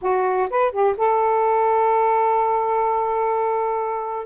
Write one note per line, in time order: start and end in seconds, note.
0.01 0.48 F#4
0.49 0.71 B4
0.71 0.95 G4
0.97 4.26 A4